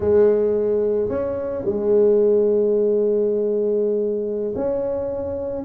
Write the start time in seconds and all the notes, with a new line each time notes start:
0.00 G#3
1.08 C#4
1.64 G#3
4.55 C#4